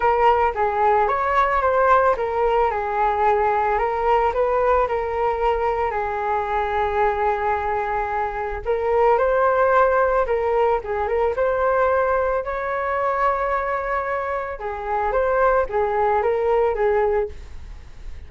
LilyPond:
\new Staff \with { instrumentName = "flute" } { \time 4/4 \tempo 4 = 111 ais'4 gis'4 cis''4 c''4 | ais'4 gis'2 ais'4 | b'4 ais'2 gis'4~ | gis'1 |
ais'4 c''2 ais'4 | gis'8 ais'8 c''2 cis''4~ | cis''2. gis'4 | c''4 gis'4 ais'4 gis'4 | }